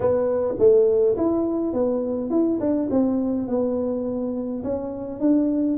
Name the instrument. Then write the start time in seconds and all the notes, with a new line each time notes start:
tuba
0.00 B3
0.58 A3
1.16 E4
1.73 B3
2.30 E4
2.60 D4
2.90 C4
3.47 B3
4.63 C#4
5.19 D4